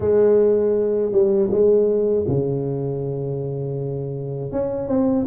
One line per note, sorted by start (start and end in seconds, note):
0.00 1.12 G#3
1.12 1.49 G3
1.50 2.25 G#3
2.27 4.51 C#3
4.51 4.88 C#4
4.88 5.25 C4